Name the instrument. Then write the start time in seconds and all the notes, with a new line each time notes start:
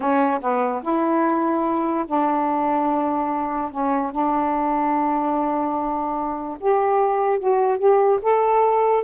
saxophone
0.00 C#4
0.40 B3
0.82 E4
2.07 D4
3.71 C#4
4.11 D4
6.59 G4
7.39 F#4
7.78 G4
8.21 A4